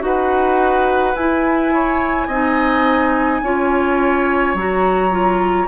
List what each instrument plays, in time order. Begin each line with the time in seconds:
0.00 bassoon D#4, clarinet F#4, oboe B4, flute F#5
1.15 bassoon E4, clarinet E4, flute G#5
1.73 oboe C#5
2.27 bassoon C4, clarinet D#4, oboe D#5
3.41 bassoon C#4, clarinet F4, oboe C#5
4.54 bassoon F#3, clarinet F#4, flute A#5
5.11 clarinet F4